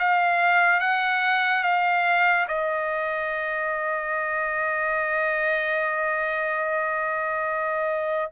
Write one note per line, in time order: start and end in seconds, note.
0.00 0.80 F5
0.80 1.64 F#5
1.64 2.47 F5
2.48 8.31 D#5